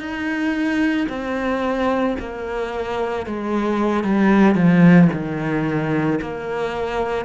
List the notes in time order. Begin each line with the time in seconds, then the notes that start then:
0.00 D#4
1.09 C4
2.19 A#3
3.26 G#3
4.04 G3
4.55 F3
5.12 D#3
6.21 A#3